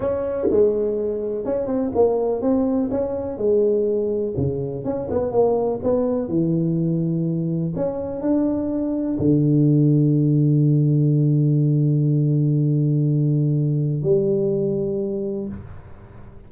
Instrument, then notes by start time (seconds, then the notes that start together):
tuba
0.00 C#4
0.50 G#3
1.45 C#4
1.66 C4
1.95 A#3
2.41 C4
2.91 C#4
3.37 G#3
4.37 C#3
4.84 C#4
5.10 B3
5.31 A#3
5.83 B3
6.28 E3
7.76 C#4
8.21 D4
9.18 D3
14.02 G3